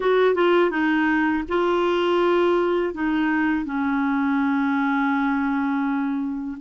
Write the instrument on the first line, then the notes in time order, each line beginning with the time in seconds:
clarinet
0.00 F#4
0.34 F4
0.70 D#4
1.48 F4
2.94 D#4
3.65 C#4